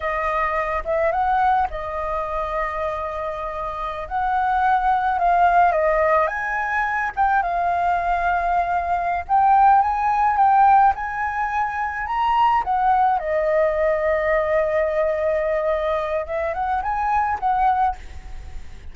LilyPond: \new Staff \with { instrumentName = "flute" } { \time 4/4 \tempo 4 = 107 dis''4. e''8 fis''4 dis''4~ | dis''2.~ dis''16 fis''8.~ | fis''4~ fis''16 f''4 dis''4 gis''8.~ | gis''8. g''8 f''2~ f''8.~ |
f''8 g''4 gis''4 g''4 gis''8~ | gis''4. ais''4 fis''4 dis''8~ | dis''1~ | dis''4 e''8 fis''8 gis''4 fis''4 | }